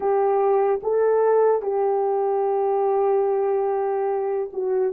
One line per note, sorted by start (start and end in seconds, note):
0.00 0.80 G4
0.83 1.62 A4
1.62 4.49 G4
4.52 4.93 F#4